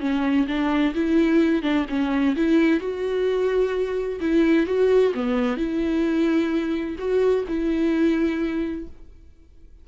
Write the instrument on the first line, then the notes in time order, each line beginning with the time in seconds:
viola
0.00 C#4
0.47 D4
0.95 E4
1.62 D4
1.89 C#4
2.36 E4
2.80 F#4
4.20 E4
4.66 F#4
5.14 B3
5.57 E4
6.98 F#4
7.48 E4